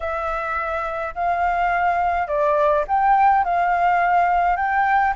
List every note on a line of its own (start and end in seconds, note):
0.00 1.14 E5
1.14 2.27 F5
2.27 2.84 D5
2.87 3.44 G5
3.44 4.56 F5
4.56 5.13 G5